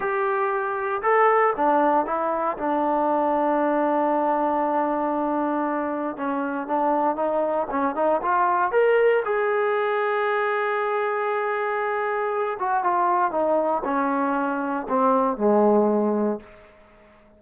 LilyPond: \new Staff \with { instrumentName = "trombone" } { \time 4/4 \tempo 4 = 117 g'2 a'4 d'4 | e'4 d'2.~ | d'1 | cis'4 d'4 dis'4 cis'8 dis'8 |
f'4 ais'4 gis'2~ | gis'1~ | gis'8 fis'8 f'4 dis'4 cis'4~ | cis'4 c'4 gis2 | }